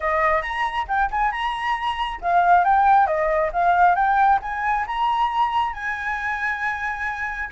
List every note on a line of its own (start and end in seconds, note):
0.00 0.42 D#5
0.42 0.86 A#5
0.88 1.10 G5
1.11 1.31 G#5
1.31 2.19 A#5
2.21 2.64 F5
2.64 3.06 G5
3.06 3.51 D#5
3.53 3.95 F5
3.95 4.39 G5
4.41 4.85 G#5
4.86 5.73 A#5
5.73 7.49 G#5